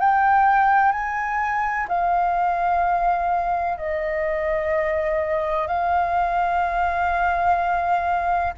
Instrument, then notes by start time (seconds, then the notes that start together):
flute
0.00 G5
0.92 G#5
1.89 F5
3.78 D#5
5.68 F5